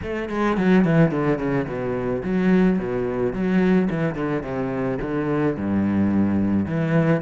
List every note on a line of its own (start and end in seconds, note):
0.02 0.29 A3
0.29 0.57 G#3
0.57 0.85 F#3
0.85 1.11 E3
1.11 1.38 D3
1.38 1.66 C#3
1.67 2.22 B2
2.23 2.78 F#3
2.78 3.33 B2
3.33 3.88 F#3
3.90 4.14 E3
4.14 4.42 D3
4.42 4.98 C3
5.01 5.57 D3
5.57 6.66 G2
6.66 7.21 E3